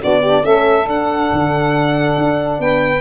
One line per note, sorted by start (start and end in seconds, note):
0.00 0.44 B3
0.00 0.22 D4
0.00 0.22 F#4
0.00 0.46 D5
0.22 0.46 D4
0.22 0.41 G4
0.41 0.87 A3
0.41 0.84 C#4
0.41 2.61 A4
0.41 0.89 E5
0.85 3.01 D4
0.85 1.30 D4
0.85 2.61 F#5
1.33 2.18 D3
2.18 2.59 D4
2.59 3.01 B3
2.59 3.01 B4
2.59 3.01 G5